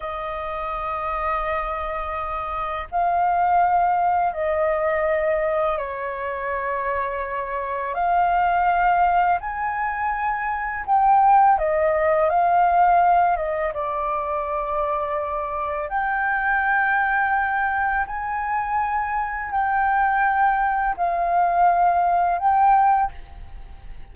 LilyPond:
\new Staff \with { instrumentName = "flute" } { \time 4/4 \tempo 4 = 83 dis''1 | f''2 dis''2 | cis''2. f''4~ | f''4 gis''2 g''4 |
dis''4 f''4. dis''8 d''4~ | d''2 g''2~ | g''4 gis''2 g''4~ | g''4 f''2 g''4 | }